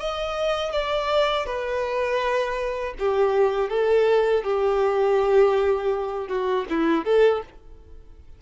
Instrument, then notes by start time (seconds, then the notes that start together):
violin
0.00 D#5
0.72 D5
1.46 B4
2.99 G4
3.70 A4
4.44 G4
6.28 F#4
6.70 E4
7.05 A4